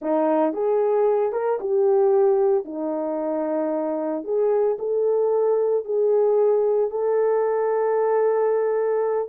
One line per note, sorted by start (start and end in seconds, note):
0.01 0.53 D#4
0.53 1.32 G#4
1.32 1.59 A#4
1.59 2.65 G4
2.65 4.24 D#4
4.24 4.77 G#4
4.79 5.84 A4
5.84 6.90 G#4
6.90 9.28 A4